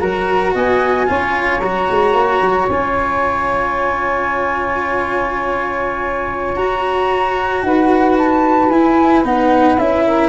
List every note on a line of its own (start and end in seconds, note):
0.00 0.55 F#3
0.00 1.07 F#4
0.00 0.54 A#4
0.00 0.54 A#5
0.55 1.08 B3
0.55 1.08 D#5
0.55 1.60 G#5
1.07 1.62 C#4
1.07 1.61 F4
1.07 7.65 C#5
1.60 1.89 F#3
1.60 2.71 F#4
1.60 2.67 A#5
1.91 2.14 G#3
2.14 2.41 A#3
2.42 2.69 F#3
2.70 6.56 C#4
2.70 6.57 F4
2.70 6.57 G#5
6.56 7.63 F#4
6.56 8.71 F#4
6.56 7.63 A#5
7.63 8.70 D#4
7.63 10.06 B4
7.63 8.17 F#5
8.18 8.70 A5
8.70 9.23 E4
8.70 9.25 E4
8.70 9.24 G#5
9.25 9.79 B3
9.25 9.79 D#4
9.25 9.79 F#5
9.79 10.29 C#4
9.79 10.29 E4
9.79 10.29 E5
10.06 10.29 A#4